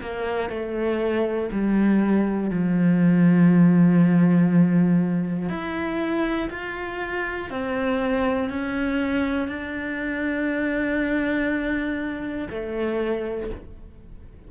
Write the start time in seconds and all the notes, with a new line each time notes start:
0.00 A#3
0.49 A3
1.52 G3
2.50 F3
5.49 E4
6.50 F4
7.50 C4
8.50 C#4
9.48 D4
12.50 A3